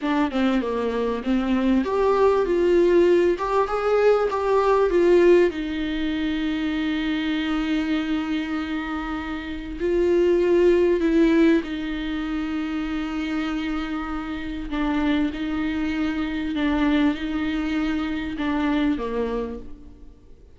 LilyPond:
\new Staff \with { instrumentName = "viola" } { \time 4/4 \tempo 4 = 98 d'8 c'8 ais4 c'4 g'4 | f'4. g'8 gis'4 g'4 | f'4 dis'2.~ | dis'1 |
f'2 e'4 dis'4~ | dis'1 | d'4 dis'2 d'4 | dis'2 d'4 ais4 | }